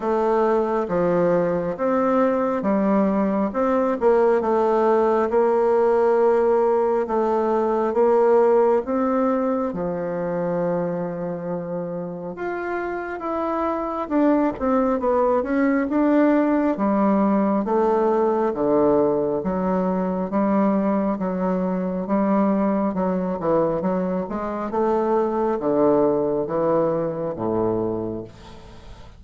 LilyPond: \new Staff \with { instrumentName = "bassoon" } { \time 4/4 \tempo 4 = 68 a4 f4 c'4 g4 | c'8 ais8 a4 ais2 | a4 ais4 c'4 f4~ | f2 f'4 e'4 |
d'8 c'8 b8 cis'8 d'4 g4 | a4 d4 fis4 g4 | fis4 g4 fis8 e8 fis8 gis8 | a4 d4 e4 a,4 | }